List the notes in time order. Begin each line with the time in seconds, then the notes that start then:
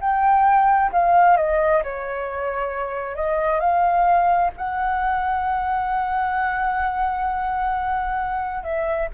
0.00 G5
0.92 F5
1.36 D#5
1.83 C#5
3.15 D#5
3.60 F5
4.57 F#5
8.63 E5